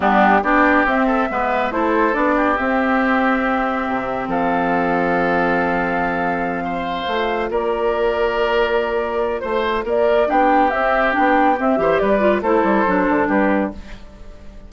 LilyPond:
<<
  \new Staff \with { instrumentName = "flute" } { \time 4/4 \tempo 4 = 140 g'4 d''4 e''2 | c''4 d''4 e''2~ | e''2 f''2~ | f''1~ |
f''4. d''2~ d''8~ | d''2 c''4 d''4 | g''4 e''4 g''4 e''4 | d''4 c''2 b'4 | }
  \new Staff \with { instrumentName = "oboe" } { \time 4/4 d'4 g'4. a'8 b'4 | a'4. g'2~ g'8~ | g'2 a'2~ | a'2.~ a'8 c''8~ |
c''4. ais'2~ ais'8~ | ais'2 c''4 ais'4 | g'2.~ g'8 c''8 | b'4 a'2 g'4 | }
  \new Staff \with { instrumentName = "clarinet" } { \time 4/4 b4 d'4 c'4 b4 | e'4 d'4 c'2~ | c'1~ | c'1~ |
c'8 f'2.~ f'8~ | f'1 | d'4 c'4 d'4 c'8 g'8~ | g'8 f'8 e'4 d'2 | }
  \new Staff \with { instrumentName = "bassoon" } { \time 4/4 g4 b4 c'4 gis4 | a4 b4 c'2~ | c'4 c4 f2~ | f1~ |
f8 a4 ais2~ ais8~ | ais2 a4 ais4 | b4 c'4 b4 c'8 e8 | g4 a8 g8 fis8 d8 g4 | }
>>